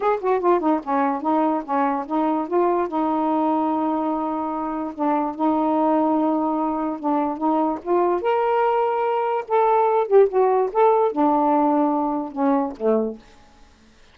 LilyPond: \new Staff \with { instrumentName = "saxophone" } { \time 4/4 \tempo 4 = 146 gis'8 fis'8 f'8 dis'8 cis'4 dis'4 | cis'4 dis'4 f'4 dis'4~ | dis'1 | d'4 dis'2.~ |
dis'4 d'4 dis'4 f'4 | ais'2. a'4~ | a'8 g'8 fis'4 a'4 d'4~ | d'2 cis'4 a4 | }